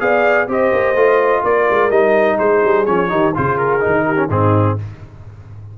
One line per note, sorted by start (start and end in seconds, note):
0.00 0.47 B3
0.00 0.48 G#4
0.00 0.47 D5
0.00 0.48 F5
0.47 0.71 C4
0.47 0.95 G4
0.47 1.42 C5
0.47 1.44 D#5
0.73 0.95 A#3
0.95 1.42 A3
0.95 1.91 F4
1.43 1.68 A#3
1.43 2.38 A#4
1.43 1.91 D5
1.70 1.90 G#3
1.90 2.37 G3
1.90 2.86 D#4
1.90 2.38 D#5
2.39 2.62 G#3
2.39 3.10 G#4
2.39 2.85 C5
2.64 2.88 G3
2.85 3.12 F3
2.85 3.09 C#4
2.85 3.33 C#5
3.09 3.35 D#3
3.09 3.33 D#4
3.09 3.34 G4
3.35 3.85 C#3
3.35 3.80 F4
3.35 4.06 G#4
3.35 3.58 C5
3.58 4.29 A#4
3.80 4.29 D#3
3.80 4.16 D#4
4.07 4.29 G4
4.17 4.28 C#4
4.29 4.77 G#2
4.29 4.78 C4
4.29 4.76 D#4
4.29 4.78 G#4